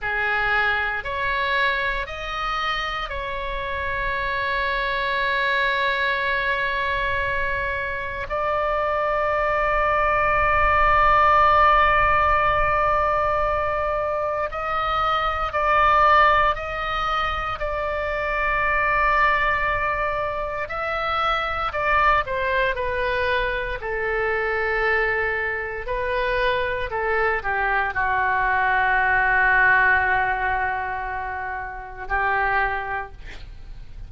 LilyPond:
\new Staff \with { instrumentName = "oboe" } { \time 4/4 \tempo 4 = 58 gis'4 cis''4 dis''4 cis''4~ | cis''1 | d''1~ | d''2 dis''4 d''4 |
dis''4 d''2. | e''4 d''8 c''8 b'4 a'4~ | a'4 b'4 a'8 g'8 fis'4~ | fis'2. g'4 | }